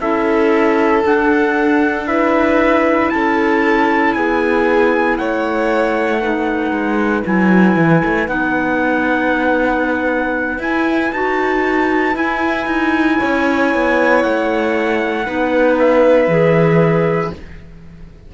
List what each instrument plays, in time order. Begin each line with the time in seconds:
0.00 cello C#4, clarinet E4, violin A4, trumpet E5
1.03 clarinet D4, cello D4, trumpet F#5
2.06 clarinet E4, violin B4, trumpet E5
3.09 cello C#4, violin A4, trumpet A5
4.13 cello B3, violin G#4, trumpet G#5
5.17 cello A3, violin C#5, trumpet F#5
6.20 clarinet D#4, violin B4
6.71 cello G#3
7.24 cello F#3, clarinet E4, trumpet G#5
7.76 cello E3
8.05 cello A3
8.27 cello B3, clarinet D#4, trumpet F#5
10.58 cello E4, clarinet E4, trumpet G#5
11.12 cello D#4, clarinet F#4, trumpet A5
12.14 clarinet E4, cello E4, trumpet G#5
12.66 cello D#4
13.19 cello C#4, violin C#5
13.75 cello B3
14.22 cello A3, trumpet F#5
15.25 cello B3, clarinet D#4, violin B4
15.79 trumpet E5
16.27 cello E3, clarinet G#4